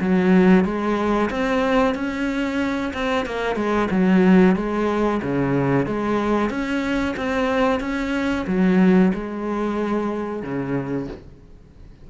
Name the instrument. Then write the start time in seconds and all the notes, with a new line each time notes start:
cello
0.00 F#3
0.65 G#3
1.30 C4
1.95 C#4
2.93 C4
3.26 A#3
3.56 G#3
3.91 F#3
4.56 G#3
5.22 C#3
5.86 G#3
6.50 C#4
7.17 C4
7.81 C#4
8.47 F#3
9.14 G#3
10.43 C#3